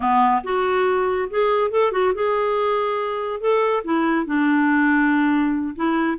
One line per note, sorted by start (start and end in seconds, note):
0.00 0.42 B3
0.43 1.28 F#4
1.29 1.71 G#4
1.71 1.91 A4
1.91 2.13 F#4
2.14 3.40 G#4
3.40 3.83 A4
3.84 4.26 E4
4.26 5.75 D4
5.75 6.18 E4